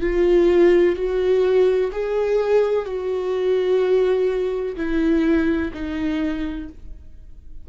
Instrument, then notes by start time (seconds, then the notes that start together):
viola
0.00 F4
0.95 F#4
1.91 G#4
2.85 F#4
4.76 E4
5.73 D#4